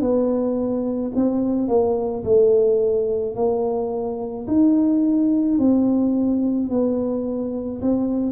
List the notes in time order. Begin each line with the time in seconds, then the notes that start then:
0.00 B3
1.15 C4
1.68 A#3
2.24 A3
3.35 A#3
4.47 D#4
5.58 C4
6.69 B3
7.81 C4